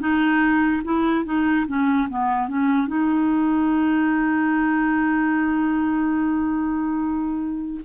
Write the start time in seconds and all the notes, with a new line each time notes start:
0.00 D#4
0.84 E4
1.25 D#4
1.67 C#4
2.09 B3
2.48 C#4
2.87 D#4